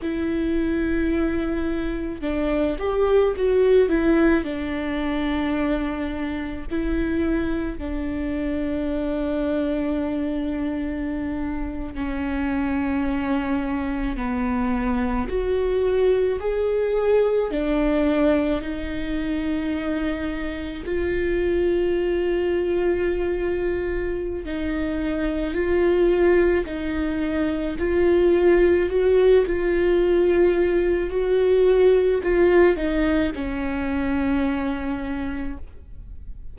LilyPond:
\new Staff \with { instrumentName = "viola" } { \time 4/4 \tempo 4 = 54 e'2 d'8 g'8 fis'8 e'8 | d'2 e'4 d'4~ | d'2~ d'8. cis'4~ cis'16~ | cis'8. b4 fis'4 gis'4 d'16~ |
d'8. dis'2 f'4~ f'16~ | f'2 dis'4 f'4 | dis'4 f'4 fis'8 f'4. | fis'4 f'8 dis'8 cis'2 | }